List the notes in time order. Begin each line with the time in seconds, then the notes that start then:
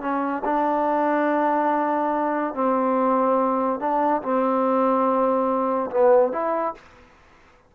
0.00 C#4
0.44 D4
2.54 C4
3.79 D4
4.22 C4
5.90 B3
6.32 E4